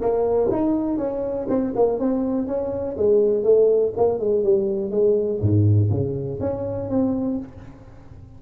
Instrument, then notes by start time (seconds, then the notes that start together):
tuba
0.00 A#3
0.51 D#4
0.97 C#4
1.48 C4
1.75 A#3
1.99 C4
2.47 C#4
2.97 G#3
3.43 A3
3.96 A#3
4.19 G#3
4.43 G3
4.90 G#3
5.40 G#2
5.90 C#3
6.40 C#4
6.89 C4